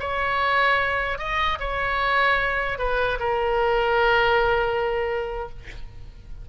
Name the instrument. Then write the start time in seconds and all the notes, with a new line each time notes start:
oboe
0.00 C#5
1.19 D#5
1.60 C#5
2.79 B4
3.20 A#4